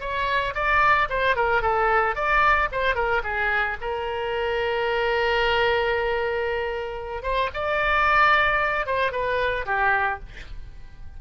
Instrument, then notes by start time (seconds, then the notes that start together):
oboe
0.00 C#5
0.54 D5
1.09 C5
1.35 A#4
1.61 A4
2.15 D5
2.72 C5
2.95 A#4
3.23 G#4
3.81 A#4
7.22 C5
7.53 D5
8.86 C5
9.11 B4
9.66 G4